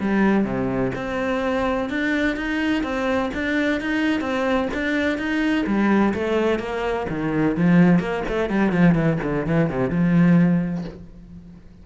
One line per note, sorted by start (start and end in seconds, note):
0.00 0.44 G3
0.44 0.92 C3
0.95 1.89 C4
1.89 2.36 D4
2.36 2.83 D#4
2.83 3.30 C4
3.34 3.81 D4
3.81 4.21 D#4
4.21 4.68 C4
4.74 5.18 D4
5.18 5.65 D#4
5.66 6.14 G3
6.14 6.59 A3
6.59 7.06 A#3
7.09 7.57 D#3
7.57 8.00 F3
8.00 8.23 A#3
8.28 8.50 A3
8.50 8.72 G3
8.72 8.95 F3
8.95 9.18 E3
9.23 9.46 D3
9.46 9.69 E3
9.69 9.90 C3
9.90 10.84 F3